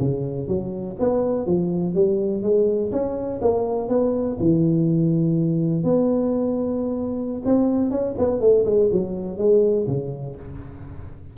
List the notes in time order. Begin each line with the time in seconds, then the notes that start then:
0.00 C#3
0.48 F#3
1.00 B3
1.46 F3
1.95 G3
2.43 G#3
2.92 C#4
3.41 A#3
3.89 B3
4.40 E3
5.84 B3
7.45 C4
7.91 C#4
8.18 B3
8.41 A3
8.66 G#3
8.92 F#3
9.38 G#3
9.87 C#3